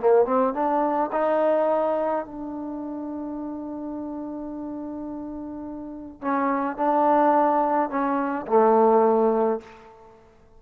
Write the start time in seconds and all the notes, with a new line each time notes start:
0.00 A#3
0.25 C4
0.54 D4
1.12 D#4
2.25 D4
6.21 C#4
6.76 D4
7.89 C#4
8.47 A3